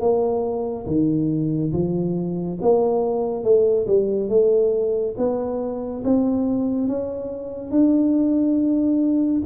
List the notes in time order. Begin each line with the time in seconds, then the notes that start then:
0.00 A#3
0.86 D#3
1.73 F3
2.61 A#3
3.44 A3
3.87 G3
4.29 A3
5.17 B3
6.04 C4
6.88 C#4
7.71 D4